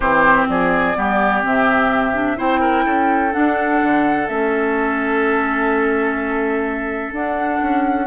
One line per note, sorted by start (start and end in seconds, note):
0.00 0.46 E3
0.00 0.95 C4
0.00 0.47 G4
0.00 0.46 C5
0.48 0.96 F3
0.48 0.97 G#4
0.48 1.43 D5
0.95 1.44 G3
0.95 1.42 B3
0.95 2.37 G4
1.42 2.38 C3
1.42 2.13 C4
1.42 2.38 E5
2.13 2.36 D4
2.36 2.85 C4
2.36 3.31 E4
2.36 2.60 C5
2.36 3.32 G5
2.60 2.84 A#4
2.85 3.33 C#4
2.85 8.07 A4
3.31 4.26 D4
3.31 3.82 D4
3.31 4.27 F#5
3.82 4.28 D3
4.27 7.12 A3
4.27 7.14 C#4
4.27 7.13 E5
7.12 7.59 D4
7.12 8.07 D4
7.12 8.07 F#5
7.61 8.07 C#4